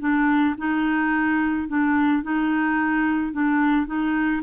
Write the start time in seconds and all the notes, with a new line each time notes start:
0.00 D4
0.58 D#4
1.68 D4
2.23 D#4
3.33 D4
3.87 D#4